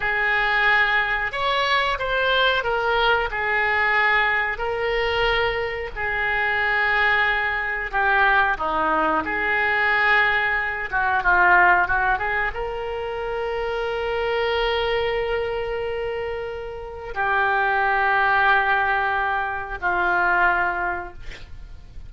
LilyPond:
\new Staff \with { instrumentName = "oboe" } { \time 4/4 \tempo 4 = 91 gis'2 cis''4 c''4 | ais'4 gis'2 ais'4~ | ais'4 gis'2. | g'4 dis'4 gis'2~ |
gis'8 fis'8 f'4 fis'8 gis'8 ais'4~ | ais'1~ | ais'2 g'2~ | g'2 f'2 | }